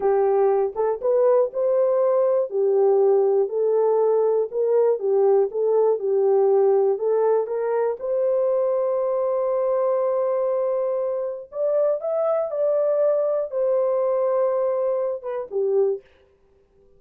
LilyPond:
\new Staff \with { instrumentName = "horn" } { \time 4/4 \tempo 4 = 120 g'4. a'8 b'4 c''4~ | c''4 g'2 a'4~ | a'4 ais'4 g'4 a'4 | g'2 a'4 ais'4 |
c''1~ | c''2. d''4 | e''4 d''2 c''4~ | c''2~ c''8 b'8 g'4 | }